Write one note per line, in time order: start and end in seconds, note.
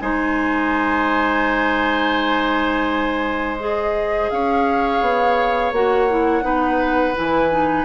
0.00 4.30 G#3
0.00 3.57 D#4
0.00 4.30 C5
0.00 3.57 G#5
3.59 5.73 G#4
3.59 4.30 D#5
4.30 5.01 C#4
4.30 6.45 C#5
4.30 5.73 F5
5.01 5.72 B3
5.72 6.42 A#3
5.72 6.09 F#4
5.72 7.16 F#5
6.09 6.42 E4
6.42 7.14 B3
6.42 7.13 D#4
6.42 7.85 B4
7.15 7.85 E3
7.15 7.51 E4
7.15 7.85 G#5
7.51 7.85 D#4